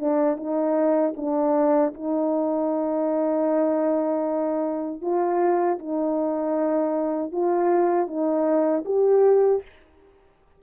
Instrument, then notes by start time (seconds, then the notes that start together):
horn
0.00 D4
0.37 D#4
1.17 D4
1.94 D#4
5.02 F4
5.79 D#4
7.32 F4
8.07 D#4
8.86 G4